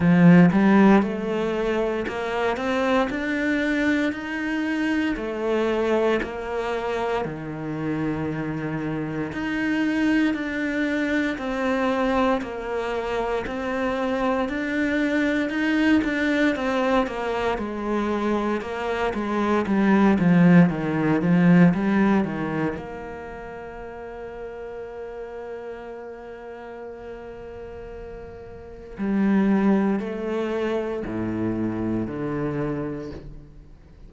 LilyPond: \new Staff \with { instrumentName = "cello" } { \time 4/4 \tempo 4 = 58 f8 g8 a4 ais8 c'8 d'4 | dis'4 a4 ais4 dis4~ | dis4 dis'4 d'4 c'4 | ais4 c'4 d'4 dis'8 d'8 |
c'8 ais8 gis4 ais8 gis8 g8 f8 | dis8 f8 g8 dis8 ais2~ | ais1 | g4 a4 a,4 d4 | }